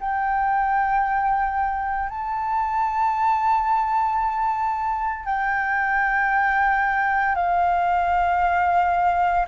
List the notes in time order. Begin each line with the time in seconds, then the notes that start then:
0.00 G5
2.09 A5
5.25 G5
7.35 F5